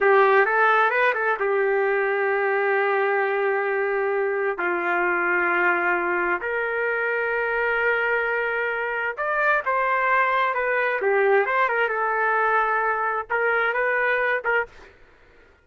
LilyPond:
\new Staff \with { instrumentName = "trumpet" } { \time 4/4 \tempo 4 = 131 g'4 a'4 b'8 a'8 g'4~ | g'1~ | g'2 f'2~ | f'2 ais'2~ |
ais'1 | d''4 c''2 b'4 | g'4 c''8 ais'8 a'2~ | a'4 ais'4 b'4. ais'8 | }